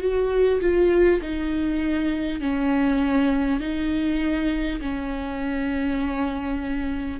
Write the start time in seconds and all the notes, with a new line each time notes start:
0.00 F#4
0.60 F4
1.21 D#4
2.40 C#4
3.59 D#4
4.80 C#4